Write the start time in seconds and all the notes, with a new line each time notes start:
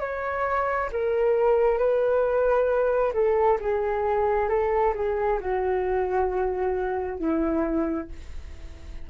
0.00 C#5
0.92 A#4
1.78 B4
3.13 A4
3.61 G#4
4.49 A4
4.95 G#4
5.41 F#4
7.19 E4